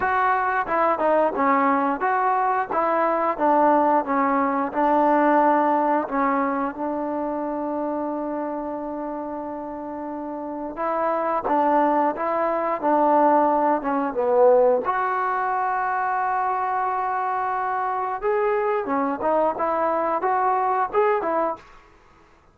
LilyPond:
\new Staff \with { instrumentName = "trombone" } { \time 4/4 \tempo 4 = 89 fis'4 e'8 dis'8 cis'4 fis'4 | e'4 d'4 cis'4 d'4~ | d'4 cis'4 d'2~ | d'1 |
e'4 d'4 e'4 d'4~ | d'8 cis'8 b4 fis'2~ | fis'2. gis'4 | cis'8 dis'8 e'4 fis'4 gis'8 e'8 | }